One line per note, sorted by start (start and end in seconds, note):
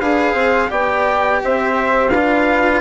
0.00 0.34 D4
0.00 0.68 G#4
0.00 0.34 B4
0.00 0.71 F5
0.34 0.69 C4
0.34 0.69 C5
0.68 1.42 B3
0.68 2.09 G4
0.68 1.41 D5
0.68 1.42 G5
1.44 2.12 C4
1.44 2.11 C5
1.44 2.09 E5
2.09 2.81 D4
2.09 2.81 F4
2.09 2.81 B4
2.09 2.80 F5